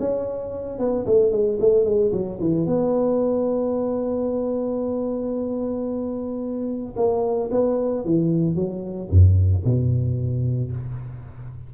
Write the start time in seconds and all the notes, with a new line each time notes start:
0.00 C#4
0.79 B3
1.06 A3
1.32 G#3
1.60 A3
1.85 G#3
2.12 F#3
2.40 E3
2.67 B3
6.97 A#3
7.51 B3
8.05 E3
8.55 F#3
9.11 F#2
9.65 B2